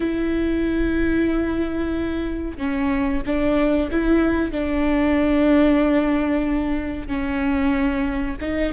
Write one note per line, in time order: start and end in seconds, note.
0.00 2.57 E4
2.57 3.22 C#4
3.26 3.90 D4
3.91 4.51 E4
4.51 7.07 D4
7.07 8.36 C#4
8.40 8.73 D#4